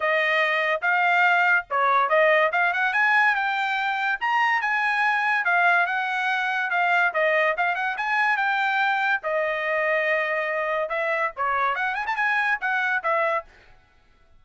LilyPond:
\new Staff \with { instrumentName = "trumpet" } { \time 4/4 \tempo 4 = 143 dis''2 f''2 | cis''4 dis''4 f''8 fis''8 gis''4 | g''2 ais''4 gis''4~ | gis''4 f''4 fis''2 |
f''4 dis''4 f''8 fis''8 gis''4 | g''2 dis''2~ | dis''2 e''4 cis''4 | fis''8 gis''16 a''16 gis''4 fis''4 e''4 | }